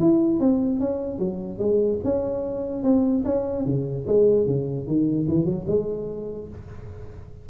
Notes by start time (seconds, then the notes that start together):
0.00 E4
0.40 C4
0.80 C#4
1.19 F#3
1.59 G#3
2.05 C#4
2.84 C4
3.25 C#4
3.66 C#3
4.07 G#3
4.47 C#3
4.87 D#3
5.29 E3
5.46 F#3
5.68 G#3